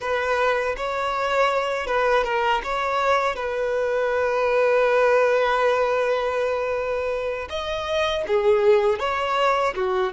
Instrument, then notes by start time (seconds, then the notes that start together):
violin
0.00 B4
0.76 C#5
1.86 B4
2.24 A#4
2.63 C#5
3.35 B4
7.49 D#5
8.27 G#4
8.99 C#5
9.75 F#4